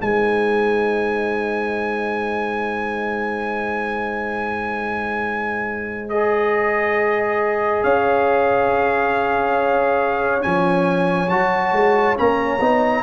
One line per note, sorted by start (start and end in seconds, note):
0.00 7.83 G#3
0.00 6.09 D#4
0.00 7.83 C5
0.00 6.09 G#5
6.09 10.41 G#4
6.09 7.83 D#5
7.83 10.44 C#4
7.83 13.03 C#5
7.83 10.42 F5
10.41 11.28 F3
10.41 11.28 C#4
10.41 11.29 G#5
11.28 11.72 F#3
11.28 12.16 F#4
11.28 12.16 A5
11.72 12.15 G#3
12.16 12.59 A#3
12.16 12.59 C#4
12.16 13.03 A#5
12.59 13.03 B3
12.59 13.03 D#4